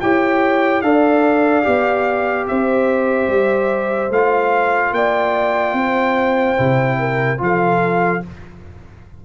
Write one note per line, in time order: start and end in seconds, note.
0.00 0.82 E4
0.00 0.83 G4
0.00 0.83 C#5
0.00 0.81 G5
0.81 1.64 D4
0.81 1.63 A4
0.81 2.49 D5
0.81 2.46 F5
1.63 2.48 B3
1.63 4.09 G4
2.47 3.28 C4
2.47 4.95 C5
2.47 4.12 E5
3.28 4.10 G3
4.10 4.91 A3
4.10 6.57 F4
4.10 4.93 F5
4.91 5.73 A#3
4.91 5.77 D5
4.91 7.40 G5
5.73 6.55 C4
5.73 6.98 C5
6.57 7.40 C3
6.57 7.37 E4
6.98 7.40 A#4
7.37 8.22 F3
7.37 8.20 F4
7.37 8.24 A4
7.37 8.24 F5